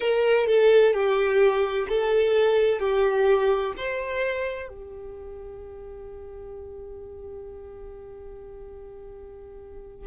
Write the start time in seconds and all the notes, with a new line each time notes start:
0.00 A#4
0.46 A4
0.93 G4
1.88 A4
2.79 G4
3.77 C5
4.68 G4